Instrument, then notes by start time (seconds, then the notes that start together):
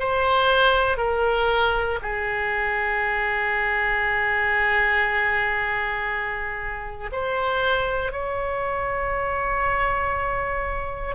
oboe
0.00 C5
0.98 A#4
2.02 G#4
7.12 C5
8.12 C#5